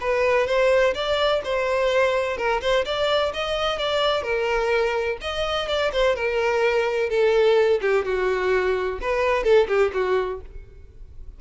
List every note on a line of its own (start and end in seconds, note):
0.00 0.46 B4
0.46 0.94 C5
0.94 1.41 D5
1.44 2.37 C5
2.37 2.60 A#4
2.61 2.84 C5
2.85 3.32 D5
3.33 3.78 D#5
3.78 4.23 D5
4.23 5.17 A#4
5.21 5.68 D#5
5.68 5.91 D5
5.92 6.15 C5
6.15 7.09 A#4
7.09 7.80 A4
7.81 8.04 G4
8.04 8.99 F#4
9.01 9.43 B4
9.43 9.67 A4
9.68 9.91 G4
9.93 10.40 F#4